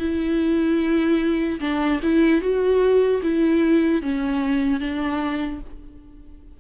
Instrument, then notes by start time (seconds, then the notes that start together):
viola
0.00 E4
1.61 D4
2.03 E4
2.41 F#4
3.23 E4
4.02 C#4
4.80 D4